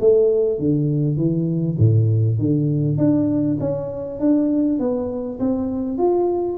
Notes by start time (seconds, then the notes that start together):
0.00 A3
0.59 D3
1.17 E3
1.78 A2
2.38 D3
2.98 D4
3.60 C#4
4.20 D4
4.79 B3
5.40 C4
5.98 F4